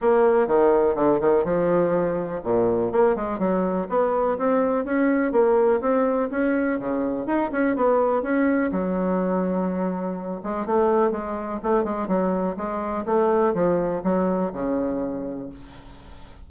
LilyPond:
\new Staff \with { instrumentName = "bassoon" } { \time 4/4 \tempo 4 = 124 ais4 dis4 d8 dis8 f4~ | f4 ais,4 ais8 gis8 fis4 | b4 c'4 cis'4 ais4 | c'4 cis'4 cis4 dis'8 cis'8 |
b4 cis'4 fis2~ | fis4. gis8 a4 gis4 | a8 gis8 fis4 gis4 a4 | f4 fis4 cis2 | }